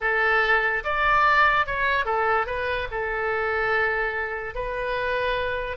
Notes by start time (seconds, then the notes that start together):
0.00 A4
0.84 D5
1.66 C#5
2.05 A4
2.46 B4
2.91 A4
4.54 B4